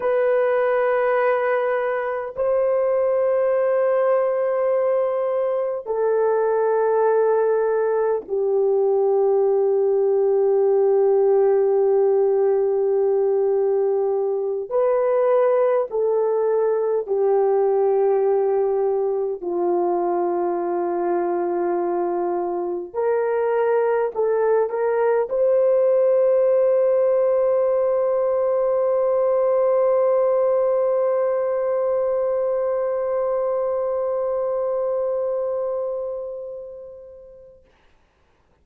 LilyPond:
\new Staff \with { instrumentName = "horn" } { \time 4/4 \tempo 4 = 51 b'2 c''2~ | c''4 a'2 g'4~ | g'1~ | g'8 b'4 a'4 g'4.~ |
g'8 f'2. ais'8~ | ais'8 a'8 ais'8 c''2~ c''8~ | c''1~ | c''1 | }